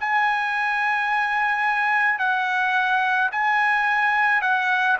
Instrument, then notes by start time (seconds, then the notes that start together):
trumpet
0.00 G#5
2.19 F#5
3.31 G#5
4.42 F#5